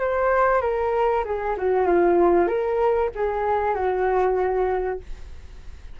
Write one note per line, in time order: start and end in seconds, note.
0.00 0.62 C5
0.62 1.24 A#4
1.24 1.56 G#4
1.57 1.87 F#4
1.87 2.47 F4
2.47 3.10 A#4
3.15 3.75 G#4
3.75 5.00 F#4